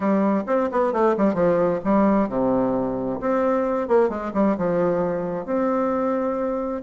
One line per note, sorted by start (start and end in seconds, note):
0.00 0.43 G3
0.46 0.69 C4
0.71 0.92 B3
0.92 1.15 A3
1.17 1.34 G3
1.34 1.79 F3
1.84 2.29 G3
2.29 3.19 C3
3.20 3.88 C4
3.88 4.09 A#3
4.09 4.32 G#3
4.33 4.56 G3
4.57 5.45 F3
5.45 6.82 C4